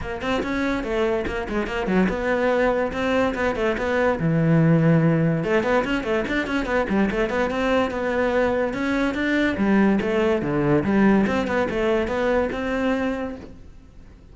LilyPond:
\new Staff \with { instrumentName = "cello" } { \time 4/4 \tempo 4 = 144 ais8 c'8 cis'4 a4 ais8 gis8 | ais8 fis8 b2 c'4 | b8 a8 b4 e2~ | e4 a8 b8 cis'8 a8 d'8 cis'8 |
b8 g8 a8 b8 c'4 b4~ | b4 cis'4 d'4 g4 | a4 d4 g4 c'8 b8 | a4 b4 c'2 | }